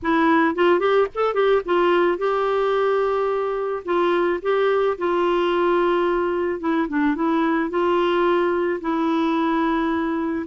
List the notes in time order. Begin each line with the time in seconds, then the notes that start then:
0.02 E4
0.55 F4
0.79 G4
1.15 A4
1.34 G4
1.65 F4
2.18 G4
3.85 F4
4.42 G4
4.97 F4
6.60 E4
6.88 D4
7.15 E4
7.70 F4
8.80 E4